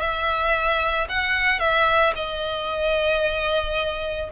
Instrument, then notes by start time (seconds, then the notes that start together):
violin
0.00 E5
1.09 F#5
1.59 E5
2.15 D#5